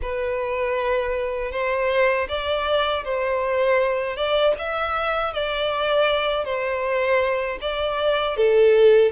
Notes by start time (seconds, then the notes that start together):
0.02 B4
1.51 C5
2.28 D5
3.04 C5
4.16 D5
4.58 E5
5.33 D5
6.45 C5
7.61 D5
8.36 A4